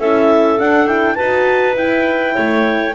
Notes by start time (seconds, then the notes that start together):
0.00 C#4 E4 A4 E5
0.59 D4 F#5
0.87 E4 G5
1.15 D#4 F#4 B4 A5
1.75 E4 G5
2.35 A3 C#5